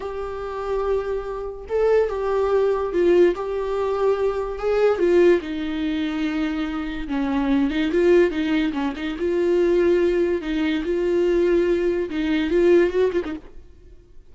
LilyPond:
\new Staff \with { instrumentName = "viola" } { \time 4/4 \tempo 4 = 144 g'1 | a'4 g'2 f'4 | g'2. gis'4 | f'4 dis'2.~ |
dis'4 cis'4. dis'8 f'4 | dis'4 cis'8 dis'8 f'2~ | f'4 dis'4 f'2~ | f'4 dis'4 f'4 fis'8 f'16 dis'16 | }